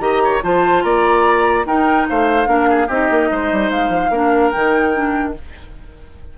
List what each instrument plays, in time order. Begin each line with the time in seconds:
0.00 bassoon D#3, clarinet G4, oboe D#5, flute A#5
0.24 oboe C#5
0.43 bassoon F3, clarinet F4, oboe C5, flute A5
0.83 bassoon A#3, oboe D5, flute A#5
1.66 bassoon D#4, clarinet D#4, oboe A#4, flute G5
2.09 bassoon A3, oboe C5, flute F5
2.46 bassoon A#3, clarinet D4, oboe A#4
2.70 oboe G#4
2.87 bassoon C4, clarinet D#4, oboe G4, flute D#5
3.10 bassoon A#3
3.32 bassoon G#3, oboe C5
3.52 bassoon G3
3.70 bassoon G#3, flute F5
3.89 bassoon F3
4.10 bassoon A#3, clarinet D4, oboe A#4
4.51 bassoon D#3, clarinet D#4, flute G5
4.94 clarinet D4